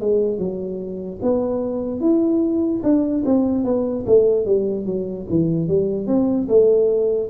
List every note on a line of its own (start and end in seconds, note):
0.00 0.39 G#3
0.39 1.20 F#3
1.22 2.00 B3
2.00 2.82 E4
2.83 3.24 D4
3.25 3.64 C4
3.64 4.05 B3
4.07 4.46 A3
4.46 4.86 G3
4.86 5.26 F#3
5.30 5.68 E3
5.68 6.07 G3
6.07 6.48 C4
6.49 7.30 A3